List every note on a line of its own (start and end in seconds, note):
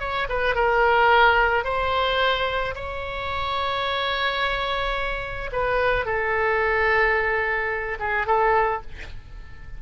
0.00 0.28 C#5
0.29 0.55 B4
0.55 1.64 A#4
1.64 2.74 C5
2.75 5.50 C#5
5.52 6.06 B4
6.06 7.98 A4
8.00 8.27 G#4
8.27 8.82 A4